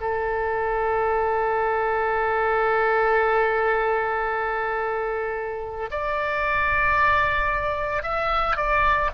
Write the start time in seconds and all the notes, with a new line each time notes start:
0.00 A4
5.91 D5
8.03 E5
8.56 D5